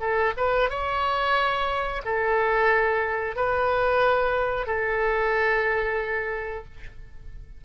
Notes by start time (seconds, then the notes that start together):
0.00 A4
0.37 B4
0.70 C#5
2.05 A4
3.36 B4
4.67 A4